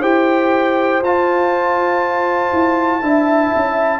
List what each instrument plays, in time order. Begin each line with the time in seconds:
0.00 tuba E4, trombone G4, horn C5, trumpet G5
1.01 tuba F4, trombone F4, trumpet A5
2.52 tuba E4
3.01 tuba D4, trombone E4, horn E5
3.55 tuba C#4